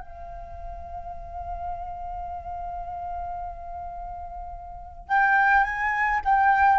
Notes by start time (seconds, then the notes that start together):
0.00 F5
5.09 G5
5.64 G#5
6.25 G5